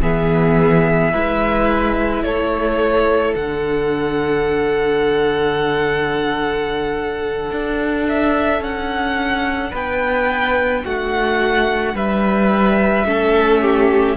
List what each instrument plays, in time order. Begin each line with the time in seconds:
0.00 cello E3, viola B3, violin G#4 E5
1.12 cello G#3, viola E4, violin B4
2.23 cello A3, violin A4 C#5
3.34 cello D3, viola D4, violin F#5
7.50 cello D4
8.08 violin E5
8.59 cello C#4, violin F#5
9.70 cello B3, violin B4 G5
10.84 cello A3, violin F#4 F#5
11.93 cello G3, violin B4 E5
13.05 cello A3, viola C#4, violin A4
13.61 violin G4